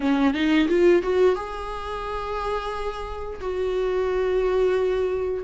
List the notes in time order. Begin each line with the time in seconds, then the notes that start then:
0.00 C#4
0.34 D#4
0.68 F4
1.02 F#4
1.35 G#4
3.40 F#4